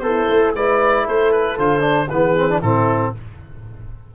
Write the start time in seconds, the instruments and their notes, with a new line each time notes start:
0.00 tuba B3, trombone A4, oboe C5
0.06 horn E4
0.29 tuba A3
0.55 tuba G#3, trombone E4, horn B4, oboe D5
1.06 tuba A3, horn A4, oboe C5
1.32 oboe B4
1.58 tuba D3, trombone F4, oboe C5
1.81 trombone D4
2.10 tuba E3, trombone B3, horn G#4, oboe B4
2.38 trombone C4
2.50 trombone D4
2.61 tuba A2, trombone C4, horn E4, oboe A4